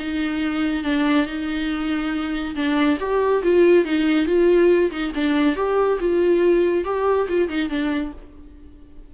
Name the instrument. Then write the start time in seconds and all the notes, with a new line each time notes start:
viola
0.00 D#4
0.84 D4
1.27 D#4
2.56 D4
3.00 G4
3.43 F4
3.86 D#4
4.27 F4
4.92 D#4
5.15 D4
5.56 G4
6.00 F4
6.85 G4
7.29 F4
7.50 D#4
7.70 D4